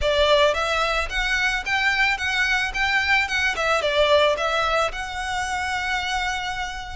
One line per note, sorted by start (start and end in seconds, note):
0.01 0.53 D5
0.53 1.08 E5
1.09 1.64 F#5
1.65 2.17 G5
2.17 2.72 F#5
2.73 3.28 G5
3.28 3.55 F#5
3.56 3.81 E5
3.81 4.36 D5
4.37 4.91 E5
4.92 6.96 F#5